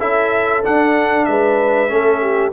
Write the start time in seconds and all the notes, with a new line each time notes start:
0.00 C#4 E4 A4 E5
0.63 D4 F#5
1.25 G#3 B4 E5
1.89 A3 C#4 A4
2.22 G4